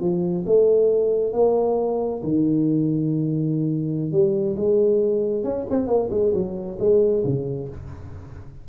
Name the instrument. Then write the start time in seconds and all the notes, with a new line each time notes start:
tuba
0.00 F3
0.46 A3
1.33 A#3
2.23 D#3
4.12 G3
4.57 G#3
5.43 C#4
5.70 C4
5.87 A#3
6.11 G#3
6.33 F#3
6.79 G#3
7.24 C#3